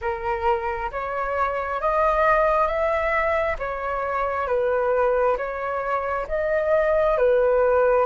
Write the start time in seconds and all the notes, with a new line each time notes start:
0.01 A#4
0.91 C#5
1.80 D#5
2.67 E5
3.59 C#5
4.47 B4
5.37 C#5
6.28 D#5
7.17 B4